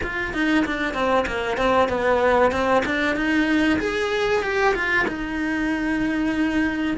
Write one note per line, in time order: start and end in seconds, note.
0.03 0.33 F4
0.33 0.65 D#4
0.65 0.94 D4
0.94 1.25 C4
1.26 1.57 A#3
1.57 1.88 C4
1.88 2.51 B3
2.51 2.83 C4
2.85 3.16 D4
3.16 3.79 D#4
3.79 4.42 G#4
4.42 4.74 G4
4.74 5.06 F4
5.07 6.96 D#4